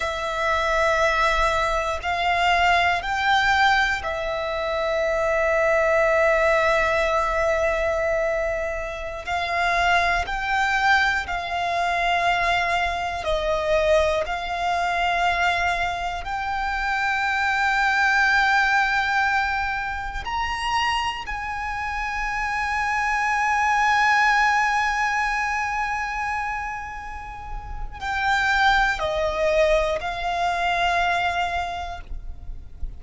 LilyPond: \new Staff \with { instrumentName = "violin" } { \time 4/4 \tempo 4 = 60 e''2 f''4 g''4 | e''1~ | e''4~ e''16 f''4 g''4 f''8.~ | f''4~ f''16 dis''4 f''4.~ f''16~ |
f''16 g''2.~ g''8.~ | g''16 ais''4 gis''2~ gis''8.~ | gis''1 | g''4 dis''4 f''2 | }